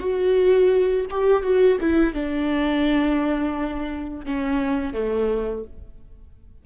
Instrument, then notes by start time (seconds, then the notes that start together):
viola
0.00 F#4
1.10 G4
1.43 F#4
1.81 E4
2.14 D4
4.25 C#4
4.93 A3